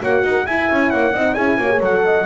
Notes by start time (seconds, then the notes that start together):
0.00 A#3 F#4 C#5 F#5
0.24 D#4 B4
0.32 A#4
0.46 E4 E5 G#5
0.70 C#4
0.90 A#3 C#5 F#5
1.13 C4 D#4 D#5
1.34 C#4 E4 G#4 G#5
1.57 A#3 F#4 C#5
1.69 G#4
1.79 F#3 A4 F#5
2.05 D#5